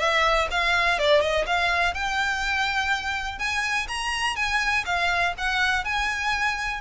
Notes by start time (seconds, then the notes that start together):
0.00 E5
0.51 F5
0.99 D5
1.21 D#5
1.47 F5
1.95 G5
3.40 G#5
3.89 A#5
4.36 G#5
4.86 F5
5.38 F#5
5.85 G#5